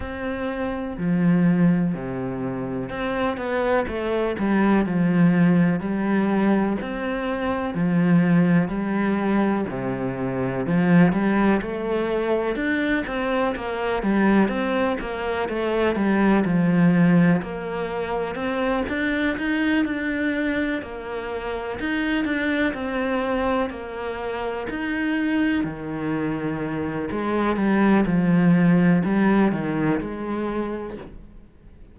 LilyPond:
\new Staff \with { instrumentName = "cello" } { \time 4/4 \tempo 4 = 62 c'4 f4 c4 c'8 b8 | a8 g8 f4 g4 c'4 | f4 g4 c4 f8 g8 | a4 d'8 c'8 ais8 g8 c'8 ais8 |
a8 g8 f4 ais4 c'8 d'8 | dis'8 d'4 ais4 dis'8 d'8 c'8~ | c'8 ais4 dis'4 dis4. | gis8 g8 f4 g8 dis8 gis4 | }